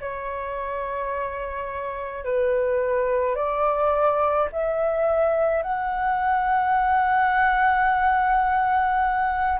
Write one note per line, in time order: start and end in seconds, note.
0.00 2.24 C#5
2.24 3.35 B4
3.35 4.48 D5
4.52 5.62 E5
5.62 9.59 F#5